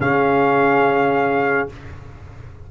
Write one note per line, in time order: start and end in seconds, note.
0.00 1.69 C#3
0.00 1.69 C#4
0.00 1.71 G#4
0.00 1.69 F5